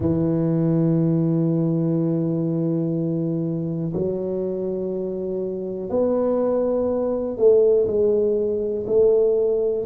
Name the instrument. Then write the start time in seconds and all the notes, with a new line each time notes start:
tuba
0.00 E3
3.93 F#3
5.89 B3
7.37 A3
7.87 G#3
8.86 A3